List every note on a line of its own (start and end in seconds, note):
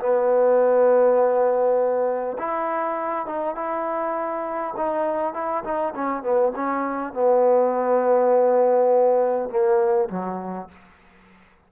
0.00 2.38 B3
2.39 3.26 E4
3.26 3.56 D#4
3.56 4.74 E4
4.77 5.34 D#4
5.34 5.64 E4
5.64 5.94 D#4
5.95 6.23 C#4
6.23 6.53 B3
6.56 7.14 C#4
7.14 9.50 B3
9.50 10.09 A#3
10.10 10.69 F#3